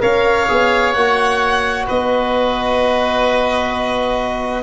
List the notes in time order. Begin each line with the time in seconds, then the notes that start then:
0.00 C#4 A#4 C#5 F5
0.48 B3 G#4
0.93 A#3 F#4 F#5
1.86 B3 B4 D#5